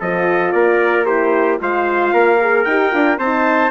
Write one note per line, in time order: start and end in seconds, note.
0.00 0.53 F3
0.00 1.07 F4
0.00 0.53 A4
0.00 0.52 D#5
0.52 1.60 A#3
0.52 1.06 A#4
0.52 1.05 D5
1.06 1.59 E4
1.06 1.60 G4
1.06 1.59 C5
1.59 2.13 G#3
1.59 2.39 F4
1.59 2.14 C5
1.59 2.64 F5
2.13 2.66 A#3
2.13 3.19 A#4
2.41 2.67 G#4
2.64 2.93 D#4
2.64 2.92 G4
2.64 3.17 G5
2.92 3.18 D4
2.92 3.18 F4
3.18 3.71 C4
3.18 3.71 D#4
3.18 3.71 C5
3.18 3.71 A5